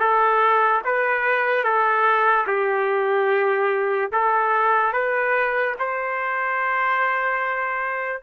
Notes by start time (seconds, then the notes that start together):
0.00 A4
0.85 B4
1.64 A4
2.47 G4
4.12 A4
4.94 B4
5.79 C5